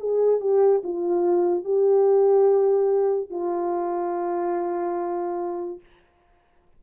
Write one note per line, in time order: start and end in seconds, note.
0.00 0.41 G#4
0.41 0.82 G4
0.84 1.65 F4
1.65 3.31 G4
3.31 5.81 F4